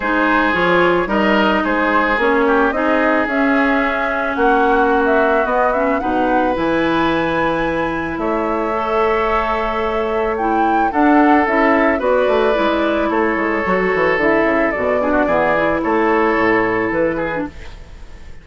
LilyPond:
<<
  \new Staff \with { instrumentName = "flute" } { \time 4/4 \tempo 4 = 110 c''4 cis''4 dis''4 c''4 | cis''4 dis''4 e''2 | fis''4~ fis''16 e''8. dis''8 e''8 fis''4 | gis''2. e''4~ |
e''2. g''4 | fis''4 e''4 d''2 | cis''2 e''4 d''4~ | d''4 cis''2 b'4 | }
  \new Staff \with { instrumentName = "oboe" } { \time 4/4 gis'2 ais'4 gis'4~ | gis'8 g'8 gis'2. | fis'2. b'4~ | b'2. cis''4~ |
cis''1 | a'2 b'2 | a'2.~ a'8 gis'16 fis'16 | gis'4 a'2~ a'8 gis'8 | }
  \new Staff \with { instrumentName = "clarinet" } { \time 4/4 dis'4 f'4 dis'2 | cis'4 dis'4 cis'2~ | cis'2 b8 cis'8 dis'4 | e'1 |
a'2. e'4 | d'4 e'4 fis'4 e'4~ | e'4 fis'4 e'4 fis'8 d'8 | b8 e'2.~ e'16 d'16 | }
  \new Staff \with { instrumentName = "bassoon" } { \time 4/4 gis4 f4 g4 gis4 | ais4 c'4 cis'2 | ais2 b4 b,4 | e2. a4~ |
a1 | d'4 cis'4 b8 a8 gis4 | a8 gis8 fis8 e8 d8 cis8 b,4 | e4 a4 a,4 e4 | }
>>